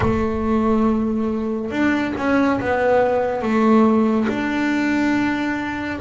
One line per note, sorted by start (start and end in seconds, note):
0.00 1.70 A3
1.70 2.13 D4
2.17 2.59 C#4
2.60 3.42 B3
3.42 4.27 A3
4.28 6.00 D4